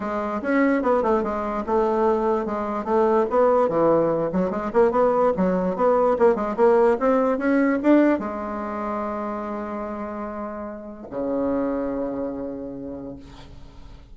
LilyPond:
\new Staff \with { instrumentName = "bassoon" } { \time 4/4 \tempo 4 = 146 gis4 cis'4 b8 a8 gis4 | a2 gis4 a4 | b4 e4. fis8 gis8 ais8 | b4 fis4 b4 ais8 gis8 |
ais4 c'4 cis'4 d'4 | gis1~ | gis2. cis4~ | cis1 | }